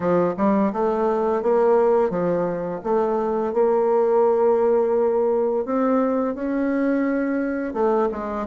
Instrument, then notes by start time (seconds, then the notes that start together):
bassoon
0.00 F3
0.37 G3
0.73 A3
1.42 A#3
2.10 F3
2.83 A3
3.53 A#3
5.65 C4
6.34 C#4
7.73 A3
8.11 G#3